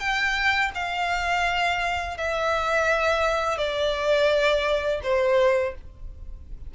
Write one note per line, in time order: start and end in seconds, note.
0.00 0.71 G5
0.75 2.18 F5
2.18 3.58 E5
3.58 5.01 D5
5.04 5.75 C5